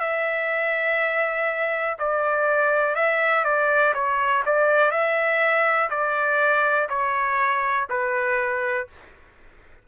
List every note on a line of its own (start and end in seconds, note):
0.00 1.97 E5
1.99 2.95 D5
2.95 3.44 E5
3.44 3.93 D5
3.94 4.43 C#5
4.45 4.91 D5
4.91 5.89 E5
5.90 6.88 D5
6.89 7.87 C#5
7.89 8.87 B4